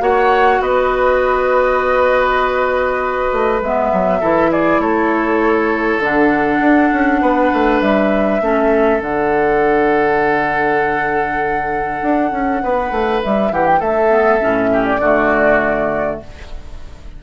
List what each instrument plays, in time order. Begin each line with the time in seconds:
0.00 bassoon A#3, clarinet F#4, oboe C#5, flute F#5
0.60 bassoon B3, oboe B4, flute D#5
3.32 bassoon A3
3.61 bassoon G#3, clarinet B3, flute E5
3.92 bassoon F#3
4.20 bassoon E3, clarinet E4, oboe A4
4.51 oboe G#4, flute D5
4.79 bassoon A3, oboe A4, flute C#5
5.99 bassoon D3, clarinet D4, flute F#5
6.60 bassoon D4
6.92 bassoon C#4
7.21 bassoon B3, oboe B4
7.53 bassoon A3
7.81 bassoon G3, flute E5
8.41 bassoon A3, clarinet C#4, oboe A4
9.00 bassoon D3, clarinet D4, flute F#5
12.02 bassoon D4
12.31 bassoon C#4
12.63 bassoon B3, oboe B4
12.91 bassoon A3
13.23 bassoon G3, flute E5
13.51 bassoon E3, oboe G4, flute F#5
13.67 flute G5
13.79 bassoon A3, oboe A4, flute E5
14.09 clarinet B3
14.39 bassoon A2, clarinet C#4
14.73 oboe G4
14.85 flute D5
14.99 bassoon D3, clarinet A3, oboe F#4